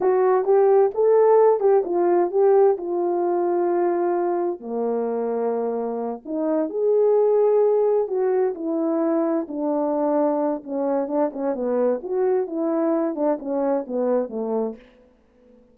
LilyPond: \new Staff \with { instrumentName = "horn" } { \time 4/4 \tempo 4 = 130 fis'4 g'4 a'4. g'8 | f'4 g'4 f'2~ | f'2 ais2~ | ais4. dis'4 gis'4.~ |
gis'4. fis'4 e'4.~ | e'8 d'2~ d'8 cis'4 | d'8 cis'8 b4 fis'4 e'4~ | e'8 d'8 cis'4 b4 a4 | }